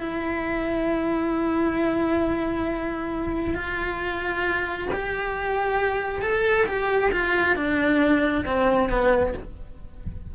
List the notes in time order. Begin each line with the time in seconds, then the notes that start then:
0.00 E4
3.54 F4
4.92 G4
6.21 A4
6.66 G4
7.12 F4
7.56 D4
8.45 C4
8.89 B3